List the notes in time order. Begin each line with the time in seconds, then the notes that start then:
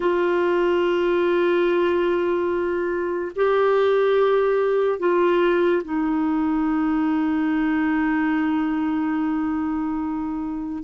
0.00 F4
3.35 G4
4.98 F4
5.84 D#4